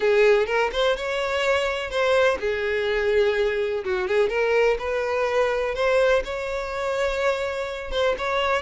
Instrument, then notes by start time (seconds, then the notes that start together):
violin
0.00 G#4
0.46 A#4
0.72 C5
0.96 C#5
1.90 C5
2.40 G#4
3.84 F#4
4.07 G#4
4.29 A#4
4.78 B4
5.74 C5
6.24 C#5
7.91 C5
8.18 C#5